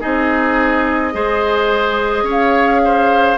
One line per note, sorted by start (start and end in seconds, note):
0.00 1.14 C4
0.00 1.12 D#4
0.00 1.14 G#4
0.00 2.28 D#5
1.12 2.23 G#3
1.12 3.38 G#4
1.12 2.24 C5
2.23 3.36 C#4
2.23 2.81 C#5
2.31 3.38 F5
2.85 3.38 C5